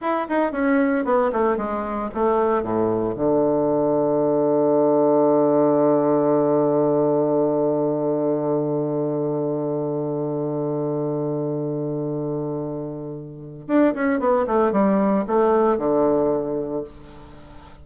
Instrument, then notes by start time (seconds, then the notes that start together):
bassoon
0.01 E4
0.28 D#4
0.52 C#4
1.05 B3
1.32 A3
1.57 G#3
2.14 A3
2.62 A2
3.15 D3
13.67 D4
13.94 C#4
14.19 B3
14.46 A3
14.72 G3
15.27 A3
15.78 D3